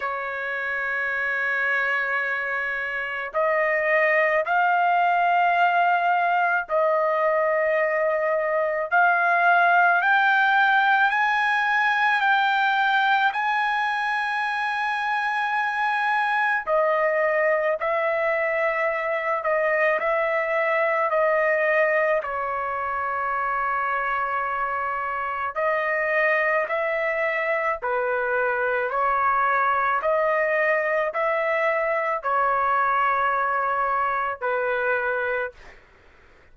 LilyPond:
\new Staff \with { instrumentName = "trumpet" } { \time 4/4 \tempo 4 = 54 cis''2. dis''4 | f''2 dis''2 | f''4 g''4 gis''4 g''4 | gis''2. dis''4 |
e''4. dis''8 e''4 dis''4 | cis''2. dis''4 | e''4 b'4 cis''4 dis''4 | e''4 cis''2 b'4 | }